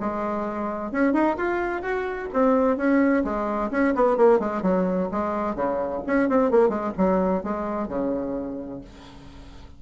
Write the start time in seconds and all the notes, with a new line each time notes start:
0.00 G#3
0.91 C#4
1.12 D#4
1.37 F4
1.82 F#4
2.33 C4
2.77 C#4
3.24 G#3
3.70 C#4
3.95 B3
4.17 A#3
4.39 G#3
4.62 F#3
5.11 G#3
5.55 C#3
6.06 C#4
6.29 C4
6.51 A#3
6.68 G#3
6.97 F#3
7.43 G#3
7.88 C#3